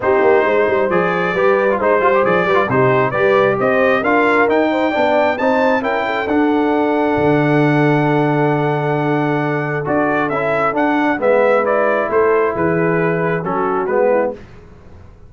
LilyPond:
<<
  \new Staff \with { instrumentName = "trumpet" } { \time 4/4 \tempo 4 = 134 c''2 d''2 | c''4 d''4 c''4 d''4 | dis''4 f''4 g''2 | a''4 g''4 fis''2~ |
fis''1~ | fis''2 d''4 e''4 | fis''4 e''4 d''4 c''4 | b'2 a'4 b'4 | }
  \new Staff \with { instrumentName = "horn" } { \time 4/4 g'4 c''2 b'4 | c''4. b'8 g'4 b'4 | c''4 ais'4. c''8 d''4 | c''4 ais'8 a'2~ a'8~ |
a'1~ | a'1~ | a'4 b'2 a'4 | gis'2 fis'4. e'8 | }
  \new Staff \with { instrumentName = "trombone" } { \time 4/4 dis'2 gis'4 g'8. f'16 | dis'8 f'16 g'16 gis'8 g'16 f'16 dis'4 g'4~ | g'4 f'4 dis'4 d'4 | dis'4 e'4 d'2~ |
d'1~ | d'2 fis'4 e'4 | d'4 b4 e'2~ | e'2 cis'4 b4 | }
  \new Staff \with { instrumentName = "tuba" } { \time 4/4 c'8 ais8 gis8 g8 f4 g4 | gis8 g8 f8 g8 c4 g4 | c'4 d'4 dis'4 b4 | c'4 cis'4 d'2 |
d1~ | d2 d'4 cis'4 | d'4 gis2 a4 | e2 fis4 gis4 | }
>>